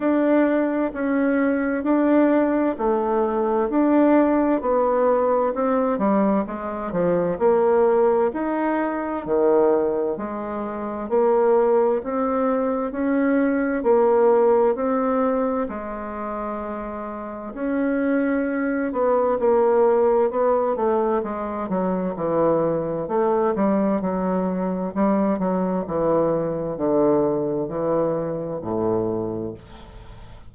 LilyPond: \new Staff \with { instrumentName = "bassoon" } { \time 4/4 \tempo 4 = 65 d'4 cis'4 d'4 a4 | d'4 b4 c'8 g8 gis8 f8 | ais4 dis'4 dis4 gis4 | ais4 c'4 cis'4 ais4 |
c'4 gis2 cis'4~ | cis'8 b8 ais4 b8 a8 gis8 fis8 | e4 a8 g8 fis4 g8 fis8 | e4 d4 e4 a,4 | }